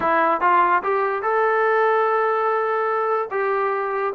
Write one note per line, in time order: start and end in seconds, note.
0.00 0.40 E4
0.40 0.82 F4
0.83 1.22 G4
1.22 3.29 A4
3.30 4.13 G4